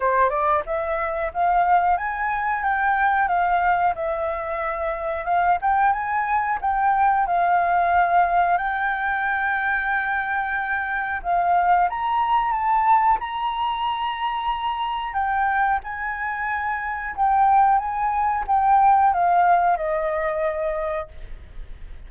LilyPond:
\new Staff \with { instrumentName = "flute" } { \time 4/4 \tempo 4 = 91 c''8 d''8 e''4 f''4 gis''4 | g''4 f''4 e''2 | f''8 g''8 gis''4 g''4 f''4~ | f''4 g''2.~ |
g''4 f''4 ais''4 a''4 | ais''2. g''4 | gis''2 g''4 gis''4 | g''4 f''4 dis''2 | }